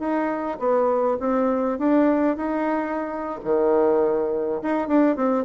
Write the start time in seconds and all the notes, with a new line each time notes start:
0.00 D#4
0.59 B3
1.20 C4
1.79 D4
2.37 D#4
3.45 D#3
4.63 D#4
4.88 D4
5.17 C4